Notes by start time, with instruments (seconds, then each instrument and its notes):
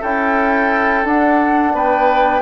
0.00 bassoon C#4, trombone E4, oboe A4, flute G5
1.03 trombone D4, bassoon D4, flute F#5
1.73 bassoon B3, oboe B4, flute G5